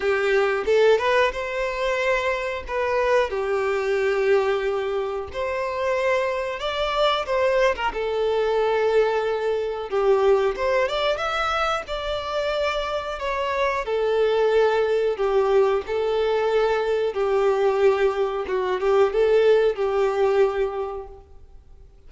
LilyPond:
\new Staff \with { instrumentName = "violin" } { \time 4/4 \tempo 4 = 91 g'4 a'8 b'8 c''2 | b'4 g'2. | c''2 d''4 c''8. ais'16 | a'2. g'4 |
c''8 d''8 e''4 d''2 | cis''4 a'2 g'4 | a'2 g'2 | fis'8 g'8 a'4 g'2 | }